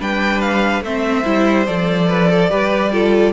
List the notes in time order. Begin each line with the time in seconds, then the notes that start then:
0.00 G3 D4 B4 G5
0.41 F5
0.81 A3 C4 C5 E5
1.24 G3 E4
1.67 F3 A4 D5
2.08 B4
2.31 A4
2.49 G3 G4 B4
2.92 F4 A4